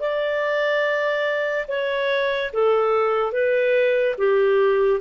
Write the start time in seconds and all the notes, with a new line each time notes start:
0.00 D5
1.68 C#5
2.53 A4
3.33 B4
4.18 G4